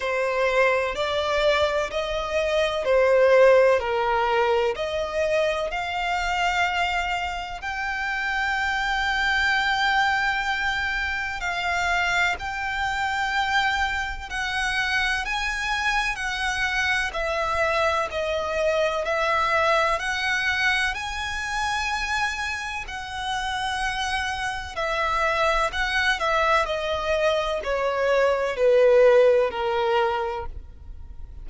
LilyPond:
\new Staff \with { instrumentName = "violin" } { \time 4/4 \tempo 4 = 63 c''4 d''4 dis''4 c''4 | ais'4 dis''4 f''2 | g''1 | f''4 g''2 fis''4 |
gis''4 fis''4 e''4 dis''4 | e''4 fis''4 gis''2 | fis''2 e''4 fis''8 e''8 | dis''4 cis''4 b'4 ais'4 | }